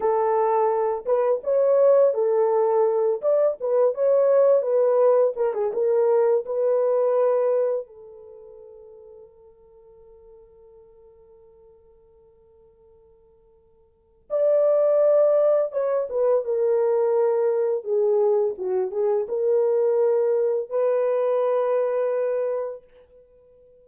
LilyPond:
\new Staff \with { instrumentName = "horn" } { \time 4/4 \tempo 4 = 84 a'4. b'8 cis''4 a'4~ | a'8 d''8 b'8 cis''4 b'4 ais'16 gis'16 | ais'4 b'2 a'4~ | a'1~ |
a'1 | d''2 cis''8 b'8 ais'4~ | ais'4 gis'4 fis'8 gis'8 ais'4~ | ais'4 b'2. | }